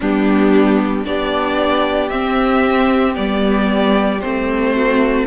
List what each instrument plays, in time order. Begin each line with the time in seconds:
0.00 cello G3, viola B3, violin D4 G4
1.04 cello B3, viola D4, violin G4 D5
2.09 viola C4, cello C4, violin E5
3.14 cello G3, viola B3, violin D5
4.20 cello A3, viola C4, violin C5
4.74 violin F#4